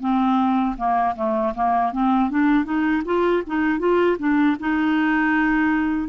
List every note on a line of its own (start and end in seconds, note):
0.00 0.76 C4
0.77 1.15 A#3
1.16 1.54 A3
1.54 1.92 A#3
1.92 2.30 C4
2.30 2.64 D4
2.64 3.02 D#4
3.05 3.43 F4
3.46 3.79 D#4
3.79 4.17 F4
4.18 4.56 D4
4.59 6.08 D#4